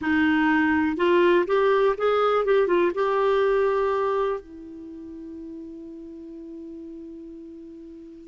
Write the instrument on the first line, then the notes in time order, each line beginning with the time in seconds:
clarinet
0.01 D#4
0.96 F4
1.46 G4
1.97 G#4
2.45 G4
2.67 F4
2.94 G4
4.40 E4